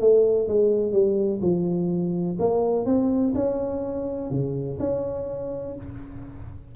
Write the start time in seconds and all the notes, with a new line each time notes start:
0.00 A3
0.48 G#3
0.92 G3
1.41 F3
2.39 A#3
2.85 C4
3.34 C#4
4.30 C#3
4.79 C#4